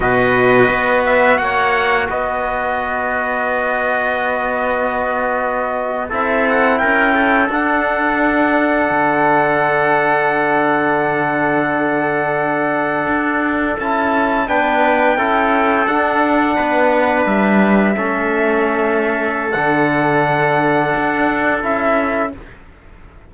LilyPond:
<<
  \new Staff \with { instrumentName = "trumpet" } { \time 4/4 \tempo 4 = 86 dis''4. e''8 fis''4 dis''4~ | dis''1~ | dis''8. e''8 fis''8 g''4 fis''4~ fis''16~ | fis''1~ |
fis''2.~ fis''8. a''16~ | a''8. g''2 fis''4~ fis''16~ | fis''8. e''2.~ e''16 | fis''2. e''4 | }
  \new Staff \with { instrumentName = "trumpet" } { \time 4/4 b'2 cis''4 b'4~ | b'1~ | b'8. a'4 ais'8 a'4.~ a'16~ | a'1~ |
a'1~ | a'8. b'4 a'2 b'16~ | b'4.~ b'16 a'2~ a'16~ | a'1 | }
  \new Staff \with { instrumentName = "trombone" } { \time 4/4 fis'1~ | fis'1~ | fis'8. e'2 d'4~ d'16~ | d'1~ |
d'2.~ d'8. e'16~ | e'8. d'4 e'4 d'4~ d'16~ | d'4.~ d'16 cis'2~ cis'16 | d'2. e'4 | }
  \new Staff \with { instrumentName = "cello" } { \time 4/4 b,4 b4 ais4 b4~ | b1~ | b8. c'4 cis'4 d'4~ d'16~ | d'8. d2.~ d16~ |
d2~ d8. d'4 cis'16~ | cis'8. b4 cis'4 d'4 b16~ | b8. g4 a2~ a16 | d2 d'4 cis'4 | }
>>